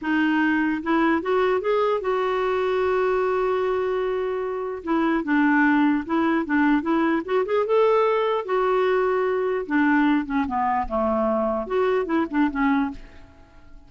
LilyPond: \new Staff \with { instrumentName = "clarinet" } { \time 4/4 \tempo 4 = 149 dis'2 e'4 fis'4 | gis'4 fis'2.~ | fis'1 | e'4 d'2 e'4 |
d'4 e'4 fis'8 gis'8 a'4~ | a'4 fis'2. | d'4. cis'8 b4 a4~ | a4 fis'4 e'8 d'8 cis'4 | }